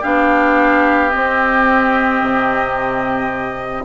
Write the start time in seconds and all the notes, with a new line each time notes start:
0.00 B3 D4 G4 F5
1.10 C4 D#5
2.22 C3